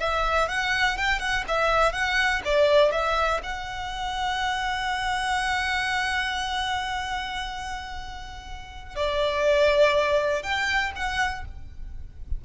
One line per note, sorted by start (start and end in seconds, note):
0.00 0.49 E5
0.49 0.97 F#5
0.97 1.20 G5
1.20 1.44 F#5
1.48 1.93 E5
1.93 2.42 F#5
2.45 2.92 D5
2.92 3.41 E5
3.44 8.96 F#5
8.96 10.43 D5
10.43 10.92 G5
10.96 11.45 F#5